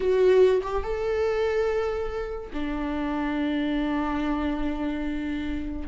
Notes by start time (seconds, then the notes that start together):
0.00 F#4
0.62 G4
0.83 A4
2.53 D4